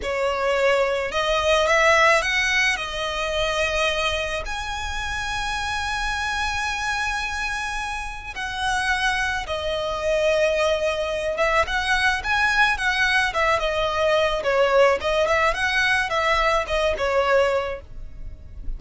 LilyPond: \new Staff \with { instrumentName = "violin" } { \time 4/4 \tempo 4 = 108 cis''2 dis''4 e''4 | fis''4 dis''2. | gis''1~ | gis''2. fis''4~ |
fis''4 dis''2.~ | dis''8 e''8 fis''4 gis''4 fis''4 | e''8 dis''4. cis''4 dis''8 e''8 | fis''4 e''4 dis''8 cis''4. | }